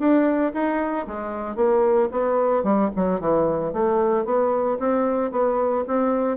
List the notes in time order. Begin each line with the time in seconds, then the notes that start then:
0.00 D4
0.54 D#4
1.07 G#3
1.56 A#3
2.12 B3
2.64 G3
2.96 F#3
3.21 E3
3.74 A3
4.26 B3
4.80 C4
5.32 B3
5.88 C4